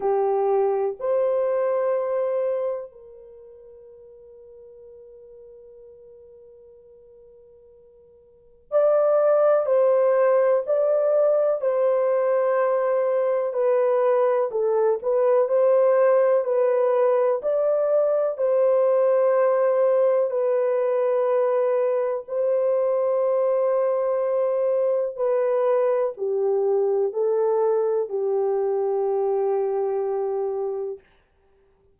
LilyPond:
\new Staff \with { instrumentName = "horn" } { \time 4/4 \tempo 4 = 62 g'4 c''2 ais'4~ | ais'1~ | ais'4 d''4 c''4 d''4 | c''2 b'4 a'8 b'8 |
c''4 b'4 d''4 c''4~ | c''4 b'2 c''4~ | c''2 b'4 g'4 | a'4 g'2. | }